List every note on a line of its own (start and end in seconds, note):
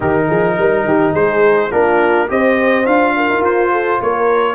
0.00 0.29 D#3
0.00 1.70 D#4
0.00 0.27 G4
0.00 1.14 A#4
0.27 0.58 F3
0.27 0.56 G#4
0.58 0.84 G3
0.58 0.86 A#4
0.84 1.12 D#3
0.84 1.13 G4
1.13 1.71 G#3
1.13 1.70 G#4
1.13 1.71 C5
1.71 2.29 A#3
1.71 2.28 D4
1.71 2.28 F4
1.71 2.28 A#4
2.28 2.86 C4
2.28 2.84 G4
2.28 3.15 C5
2.28 2.85 D#5
2.84 3.29 D4
2.84 4.55 F4
2.84 3.43 F5
3.16 3.71 A#4
3.29 3.40 D#4
3.40 3.97 F4
3.40 4.01 C5
3.71 4.00 A4
4.01 4.55 A#3
4.01 4.55 A#4
4.01 4.55 C#5